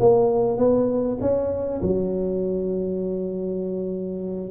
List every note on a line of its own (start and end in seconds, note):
0.00 0.58 A#3
0.58 1.19 B3
1.21 1.82 C#4
1.83 4.51 F#3